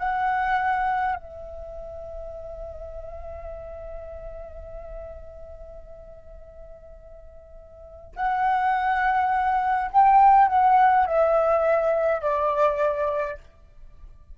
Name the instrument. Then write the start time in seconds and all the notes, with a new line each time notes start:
flute
0.00 F#5
1.16 E5
8.17 F#5
9.92 G5
10.49 F#5
11.07 E5
12.22 D5